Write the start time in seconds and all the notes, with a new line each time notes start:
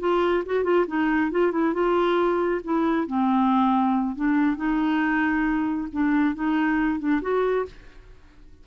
0.00 F4
0.46 F#4
0.64 F4
0.87 D#4
1.31 F4
1.52 E4
1.74 F4
2.64 E4
3.07 C4
4.16 D4
4.57 D#4
5.93 D4
6.35 D#4
7.00 D4
7.22 F#4